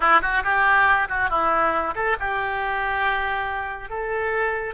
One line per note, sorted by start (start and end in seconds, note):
0.00 0.21 E4
0.21 0.43 F#4
0.43 1.08 G4
1.08 1.29 F#4
1.29 1.94 E4
1.95 2.16 A4
2.19 3.89 G4
3.89 4.74 A4